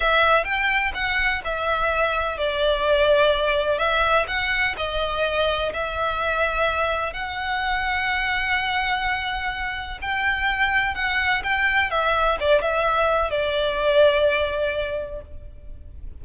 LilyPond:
\new Staff \with { instrumentName = "violin" } { \time 4/4 \tempo 4 = 126 e''4 g''4 fis''4 e''4~ | e''4 d''2. | e''4 fis''4 dis''2 | e''2. fis''4~ |
fis''1~ | fis''4 g''2 fis''4 | g''4 e''4 d''8 e''4. | d''1 | }